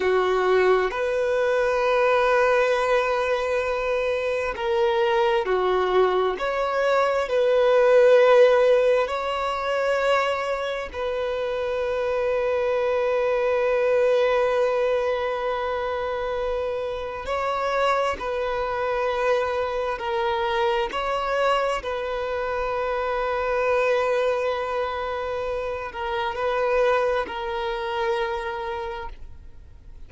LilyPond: \new Staff \with { instrumentName = "violin" } { \time 4/4 \tempo 4 = 66 fis'4 b'2.~ | b'4 ais'4 fis'4 cis''4 | b'2 cis''2 | b'1~ |
b'2. cis''4 | b'2 ais'4 cis''4 | b'1~ | b'8 ais'8 b'4 ais'2 | }